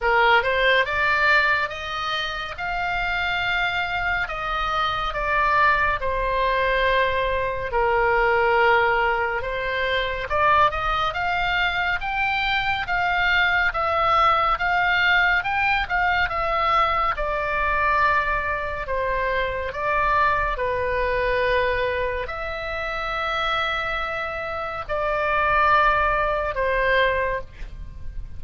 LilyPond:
\new Staff \with { instrumentName = "oboe" } { \time 4/4 \tempo 4 = 70 ais'8 c''8 d''4 dis''4 f''4~ | f''4 dis''4 d''4 c''4~ | c''4 ais'2 c''4 | d''8 dis''8 f''4 g''4 f''4 |
e''4 f''4 g''8 f''8 e''4 | d''2 c''4 d''4 | b'2 e''2~ | e''4 d''2 c''4 | }